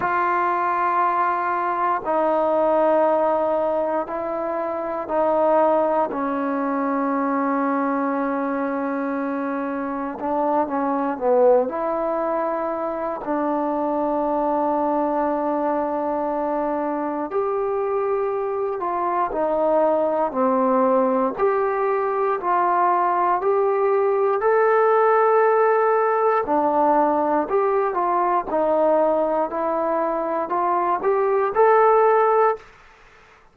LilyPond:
\new Staff \with { instrumentName = "trombone" } { \time 4/4 \tempo 4 = 59 f'2 dis'2 | e'4 dis'4 cis'2~ | cis'2 d'8 cis'8 b8 e'8~ | e'4 d'2.~ |
d'4 g'4. f'8 dis'4 | c'4 g'4 f'4 g'4 | a'2 d'4 g'8 f'8 | dis'4 e'4 f'8 g'8 a'4 | }